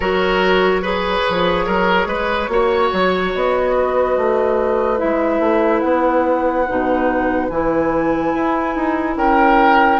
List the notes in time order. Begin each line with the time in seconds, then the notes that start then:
0.00 F#3 F#4 A#4 C#5
0.82 G#4 B4
1.29 F3
1.66 F#3 A#4
2.06 G#3 B4
2.48 A#3 F#4 C#5
2.92 F#3
3.34 B3 D#5
3.75 B4
4.17 A3
4.97 G#3 E4 E5
5.39 A3
5.80 B3 F#5
6.67 B2 D#4
7.49 E3 E4 G#5
8.34 E4
8.75 D#4
9.16 C#4 A#4 G5